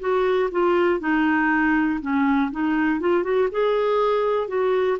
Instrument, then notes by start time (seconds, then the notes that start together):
clarinet
0.00 F#4
0.52 F4
1.00 D#4
2.01 C#4
2.51 D#4
3.00 F4
3.24 F#4
3.52 G#4
4.48 F#4